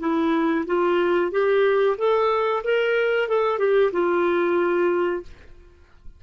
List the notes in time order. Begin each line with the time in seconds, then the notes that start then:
0.00 E4
0.66 F4
1.32 G4
1.98 A4
2.64 A#4
3.28 A4
3.59 G4
3.92 F4